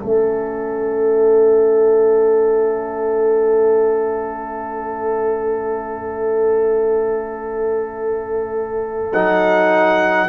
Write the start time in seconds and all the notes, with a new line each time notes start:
0.00 A3 C#4 A4 E5
9.12 F#3 D#4 F#5